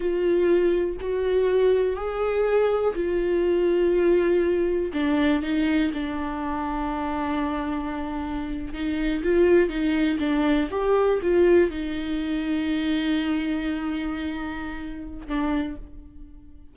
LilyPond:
\new Staff \with { instrumentName = "viola" } { \time 4/4 \tempo 4 = 122 f'2 fis'2 | gis'2 f'2~ | f'2 d'4 dis'4 | d'1~ |
d'4.~ d'16 dis'4 f'4 dis'16~ | dis'8. d'4 g'4 f'4 dis'16~ | dis'1~ | dis'2. d'4 | }